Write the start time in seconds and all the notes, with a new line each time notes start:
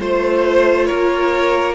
0.00 A3 F4 C5
0.85 A#4 C#5
0.92 A#3